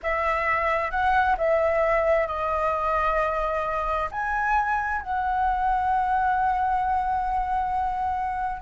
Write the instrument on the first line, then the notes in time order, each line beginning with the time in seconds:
flute
0.02 E5
0.90 F#5
1.37 E5
2.27 D#5
4.11 G#5
5.02 F#5